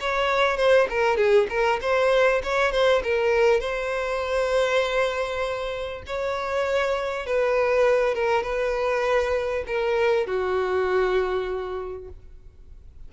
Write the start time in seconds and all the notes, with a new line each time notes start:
0.00 C#5
0.57 C5
0.90 A#4
1.17 G#4
1.50 A#4
1.81 C5
2.43 C#5
2.72 C5
3.03 A#4
3.60 C5
6.07 C#5
7.26 B4
8.14 A#4
8.43 B4
9.67 A#4
10.27 F#4